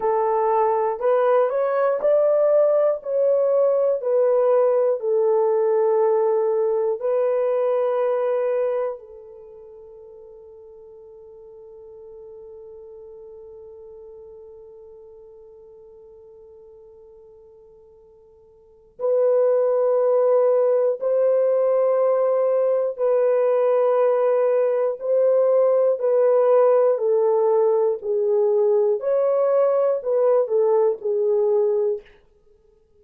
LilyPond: \new Staff \with { instrumentName = "horn" } { \time 4/4 \tempo 4 = 60 a'4 b'8 cis''8 d''4 cis''4 | b'4 a'2 b'4~ | b'4 a'2.~ | a'1~ |
a'2. b'4~ | b'4 c''2 b'4~ | b'4 c''4 b'4 a'4 | gis'4 cis''4 b'8 a'8 gis'4 | }